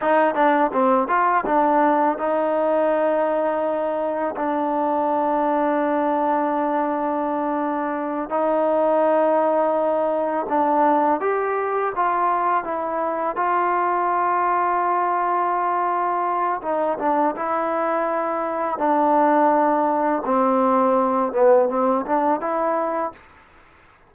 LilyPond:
\new Staff \with { instrumentName = "trombone" } { \time 4/4 \tempo 4 = 83 dis'8 d'8 c'8 f'8 d'4 dis'4~ | dis'2 d'2~ | d'2.~ d'8 dis'8~ | dis'2~ dis'8 d'4 g'8~ |
g'8 f'4 e'4 f'4.~ | f'2. dis'8 d'8 | e'2 d'2 | c'4. b8 c'8 d'8 e'4 | }